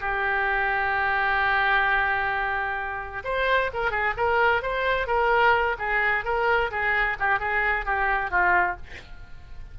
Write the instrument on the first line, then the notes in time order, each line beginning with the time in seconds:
oboe
0.00 G4
3.24 C5
3.73 A#4
3.91 G#4
4.17 A#4
4.62 C5
5.07 A#4
5.78 G#4
6.24 A#4
6.71 G#4
7.19 G4
7.39 G#4
7.85 G4
8.31 F4